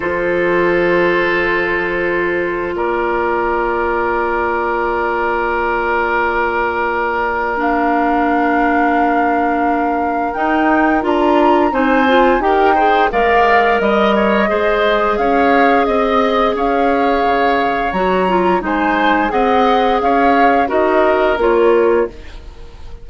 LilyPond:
<<
  \new Staff \with { instrumentName = "flute" } { \time 4/4 \tempo 4 = 87 c''1 | d''1~ | d''2. f''4~ | f''2. g''4 |
ais''4 gis''4 g''4 f''4 | dis''2 f''4 dis''4 | f''2 ais''4 gis''4 | fis''4 f''4 dis''4 cis''4 | }
  \new Staff \with { instrumentName = "oboe" } { \time 4/4 a'1 | ais'1~ | ais'1~ | ais'1~ |
ais'4 c''4 ais'8 c''8 d''4 | dis''8 cis''8 c''4 cis''4 dis''4 | cis''2. c''4 | dis''4 cis''4 ais'2 | }
  \new Staff \with { instrumentName = "clarinet" } { \time 4/4 f'1~ | f'1~ | f'2. d'4~ | d'2. dis'4 |
f'4 dis'8 f'8 g'8 gis'8 ais'4~ | ais'4 gis'2.~ | gis'2 fis'8 f'8 dis'4 | gis'2 fis'4 f'4 | }
  \new Staff \with { instrumentName = "bassoon" } { \time 4/4 f1 | ais1~ | ais1~ | ais2. dis'4 |
d'4 c'4 dis'4 gis4 | g4 gis4 cis'4 c'4 | cis'4 cis4 fis4 gis4 | c'4 cis'4 dis'4 ais4 | }
>>